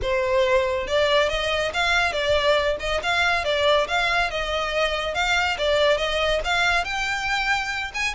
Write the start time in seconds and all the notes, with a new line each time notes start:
0.01 C5
0.87 D5
1.29 D#5
1.73 F5
2.12 D5
2.79 D#5
3.02 F5
3.44 D5
3.87 F5
4.30 D#5
5.14 F5
5.58 D5
5.97 D#5
6.44 F5
6.84 G5
7.94 G#5